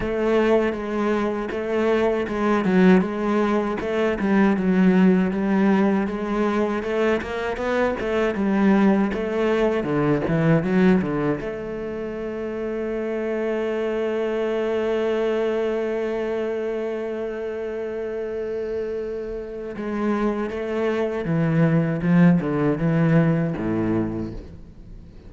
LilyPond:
\new Staff \with { instrumentName = "cello" } { \time 4/4 \tempo 4 = 79 a4 gis4 a4 gis8 fis8 | gis4 a8 g8 fis4 g4 | gis4 a8 ais8 b8 a8 g4 | a4 d8 e8 fis8 d8 a4~ |
a1~ | a1~ | a2 gis4 a4 | e4 f8 d8 e4 a,4 | }